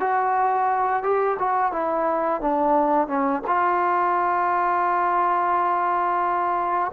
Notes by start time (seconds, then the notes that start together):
0.00 F#4
1.03 G4
1.39 F#4
1.72 E4
2.41 D4
3.07 C#4
3.47 F4